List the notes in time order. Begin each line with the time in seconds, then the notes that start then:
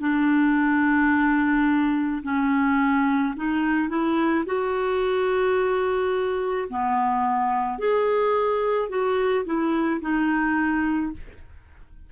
0.00 D4
2.23 C#4
3.36 D#4
3.89 E4
4.46 F#4
6.70 B3
7.79 G#4
8.89 F#4
9.45 E4
10.01 D#4